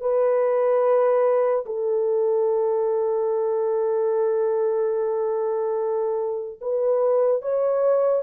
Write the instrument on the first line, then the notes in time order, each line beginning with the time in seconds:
horn
0.00 B4
1.66 A4
6.61 B4
7.42 C#5